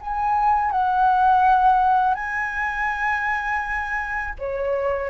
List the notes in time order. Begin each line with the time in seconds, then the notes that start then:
0.00 G#5
0.71 F#5
2.14 G#5
4.39 C#5